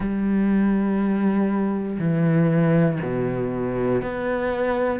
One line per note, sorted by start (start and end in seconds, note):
0.00 1.98 G3
1.99 2.99 E3
3.02 4.02 B2
4.02 5.00 B3